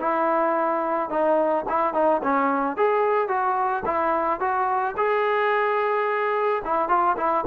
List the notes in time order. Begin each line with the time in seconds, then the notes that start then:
0.00 E4
1.10 D#4
1.69 E4
1.94 D#4
2.23 C#4
2.77 G#4
3.29 F#4
3.85 E4
4.40 F#4
4.97 G#4
6.65 E4
6.89 F4
7.17 E4